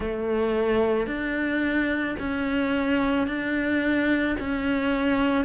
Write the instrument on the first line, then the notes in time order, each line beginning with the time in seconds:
cello
0.00 A3
1.06 D4
2.19 C#4
3.27 D4
4.39 C#4